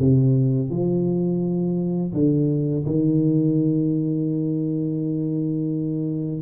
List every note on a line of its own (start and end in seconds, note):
0.00 0.70 C3
0.70 2.13 F3
2.14 2.85 D3
2.87 6.42 D#3